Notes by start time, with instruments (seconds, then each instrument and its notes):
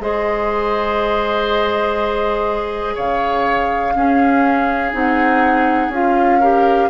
0.00 bassoon G#3, clarinet G#4, oboe C5, flute D#5
2.95 bassoon C#3, oboe C#5, flute F5
3.94 bassoon C#4, clarinet C#4, oboe G#4
4.93 bassoon C4, clarinet D#4, flute F#5
5.89 bassoon C#4, clarinet F4, flute F5
6.40 clarinet G4, oboe A#4